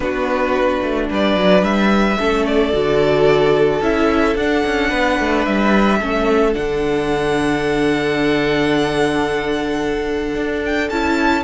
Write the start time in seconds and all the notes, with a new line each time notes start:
0.00 B3 D4 F#4 B4
0.82 A3
1.09 G3 B4 D5
1.37 F#3
1.62 G3 E5
2.17 A3 C#4 A4
2.46 D5
2.72 D3 F#4
3.81 C#4 E4 E5
4.35 D4 F#5
4.65 C#4
4.89 B3 B4
5.19 A3
5.45 G3 E5
5.99 A3 C#4 A4
6.52 D3 D4 F#5
10.35 D4
10.65 G5
10.89 C#4 E4 A5